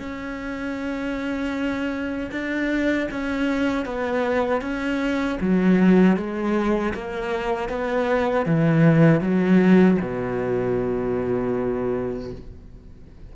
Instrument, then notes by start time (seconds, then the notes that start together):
cello
0.00 C#4
2.32 D4
3.12 C#4
3.86 B3
4.62 C#4
5.41 F#3
6.17 G#3
6.95 A#3
7.70 B3
8.47 E3
9.21 F#3
10.02 B2